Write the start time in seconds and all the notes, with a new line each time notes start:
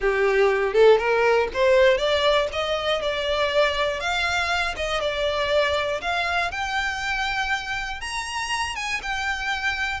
0.00 G4
0.73 A4
0.97 A#4
1.53 C5
1.97 D5
2.52 D#5
3.01 D5
4.00 F5
4.76 D#5
5.00 D5
6.01 F5
6.51 G5
8.00 A#5
8.75 G#5
9.02 G5